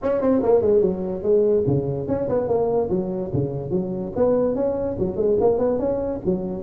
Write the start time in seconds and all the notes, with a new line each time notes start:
0.02 C#4
0.21 C4
0.42 A#3
0.61 G#3
0.81 F#3
1.22 G#3
1.66 C#3
2.07 C#4
2.29 B3
2.48 A#3
2.89 F#3
3.33 C#3
3.71 F#3
4.15 B3
4.55 C#4
4.98 F#3
5.16 G#3
5.40 A#3
5.58 B3
5.79 C#4
6.25 F#3